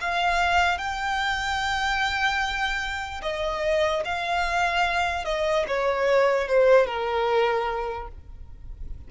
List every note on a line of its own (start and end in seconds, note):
0.00 0.78 F5
0.78 3.21 G5
3.22 4.03 D#5
4.04 5.24 F5
5.24 5.65 D#5
5.67 6.48 C#5
6.48 6.86 C5
6.86 8.07 A#4